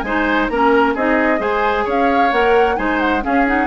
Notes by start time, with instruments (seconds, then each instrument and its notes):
0.00 bassoon G#3, clarinet D#4, oboe C5, flute G#5
0.48 bassoon A#3, clarinet C#4, oboe A#4, flute A#5
0.94 bassoon C4, clarinet D#4, oboe G#4, flute D#5
1.38 bassoon G#3, clarinet G#4, oboe C5, flute G#5
1.84 bassoon C#4, oboe C#5, flute F5
2.31 bassoon A#3, clarinet A#4, flute F#5
2.76 bassoon G#3, clarinet D#4, oboe C5, flute G#5
2.99 flute F#5
3.20 clarinet C#4, bassoon C#4, oboe G#4, flute F5
3.46 clarinet D#4, flute F#5